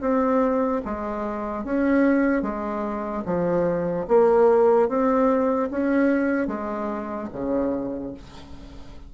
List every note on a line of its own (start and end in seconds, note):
0.00 0.81 C4
0.85 1.64 G#3
1.64 2.42 C#4
2.42 3.23 G#3
3.25 4.06 F3
4.07 4.88 A#3
4.88 5.69 C4
5.70 6.47 C#4
6.47 7.28 G#3
7.32 8.13 C#3